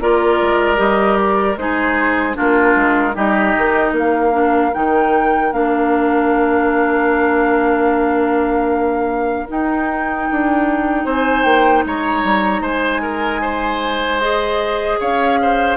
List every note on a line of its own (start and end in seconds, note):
0.00 0.39 A#3
0.00 0.76 F4
0.00 1.59 A#4
0.00 0.80 D5
0.41 0.79 G#3
0.76 1.56 G3
0.76 1.55 G4
0.76 1.16 D#5
1.16 1.56 D5
1.56 2.35 G#3
1.56 2.34 D#4
1.56 2.36 G#4
1.56 2.37 C5
2.34 2.75 A#3
2.34 3.13 D4
2.34 3.15 F4
2.34 3.16 A#4
2.75 3.15 G#3
3.14 3.55 G3
3.14 4.32 D#4
3.14 3.94 G4
3.14 3.95 D#5
3.57 3.92 D#3
3.92 4.71 A#3
3.92 11.04 A#4
3.98 4.74 F5
4.32 4.71 D4
4.74 5.52 D#3
4.74 5.52 D#4
4.74 5.52 G5
5.52 9.47 A#3
5.52 9.47 D4
5.52 9.47 F5
9.47 14.21 D#4
9.47 10.29 D#4
9.47 11.08 G5
10.31 11.05 D4
11.05 11.44 C4
11.05 11.84 C5
11.05 11.44 G#5
11.44 11.84 A#3
11.44 11.83 G5
11.85 12.24 G#3
11.85 12.62 C#5
11.85 12.65 A#5
12.24 12.61 G3
12.61 14.97 G#3
12.61 13.01 C5
12.61 14.20 G#5
13.02 13.41 A#4
13.41 14.99 C5
14.20 15.77 G#4
14.20 14.99 D#5
15.00 15.77 C#4
15.00 15.39 C#5
15.00 15.77 F5
15.42 15.77 C5